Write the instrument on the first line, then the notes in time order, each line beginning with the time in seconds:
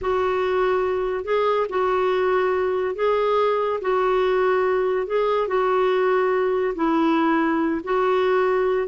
clarinet
0.01 F#4
1.24 G#4
1.69 F#4
2.95 G#4
3.81 F#4
5.06 G#4
5.47 F#4
6.75 E4
7.83 F#4